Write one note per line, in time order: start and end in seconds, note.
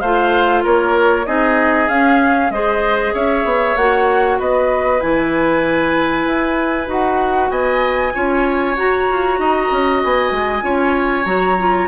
0.00 0.64 A3
0.00 1.25 F4
0.00 0.63 C5
0.00 0.62 F5
0.63 1.27 A#3
0.63 1.25 A#4
0.63 1.26 C#5
1.25 1.88 C4
1.25 1.88 D#4
1.25 2.52 G#4
1.25 1.88 D#5
1.88 2.50 C#4
1.88 2.52 C#4
1.88 2.51 F5
2.50 3.12 G#3
2.50 3.77 G#4
2.50 3.13 C5
2.50 3.13 D#5
3.13 3.44 C#4
3.13 4.38 C#5
3.13 3.76 E5
3.44 3.76 B3
3.76 4.38 A#3
3.76 5.00 F#4
3.76 4.39 F#5
4.39 5.02 B3
4.39 7.50 B4
4.39 5.00 D#5
5.00 6.26 E3
5.00 6.86 E4
5.00 6.88 G#5
6.26 6.87 E4
6.86 7.50 D#4
6.86 8.11 F#4
6.86 7.50 F#5
7.50 8.12 B3
7.50 8.13 D#5
7.50 8.75 G#5
8.14 8.76 C#4
8.14 8.76 F4
8.14 9.39 C#5
8.76 9.07 F#4
8.76 10.61 F#4
8.76 10.03 A#5
9.10 9.38 F4
9.38 9.70 D#4
9.38 10.64 D#5
9.71 10.02 C#4
10.03 10.30 B3
10.03 11.25 G#5
10.30 10.62 G#3
10.61 11.25 C#4
10.61 11.23 F4
10.61 11.88 C#5
11.25 11.88 F#3
11.25 11.57 F#4
11.25 11.87 A#5
11.58 11.88 F4